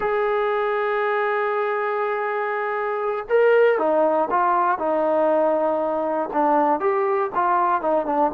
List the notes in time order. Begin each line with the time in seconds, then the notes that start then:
0.00 G#4
3.29 A#4
3.78 D#4
4.30 F4
4.78 D#4
6.33 D4
6.80 G4
7.34 F4
7.81 D#4
8.06 D4